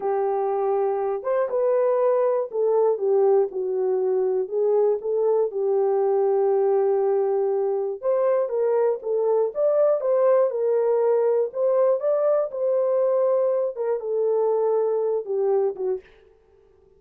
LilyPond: \new Staff \with { instrumentName = "horn" } { \time 4/4 \tempo 4 = 120 g'2~ g'8 c''8 b'4~ | b'4 a'4 g'4 fis'4~ | fis'4 gis'4 a'4 g'4~ | g'1 |
c''4 ais'4 a'4 d''4 | c''4 ais'2 c''4 | d''4 c''2~ c''8 ais'8 | a'2~ a'8 g'4 fis'8 | }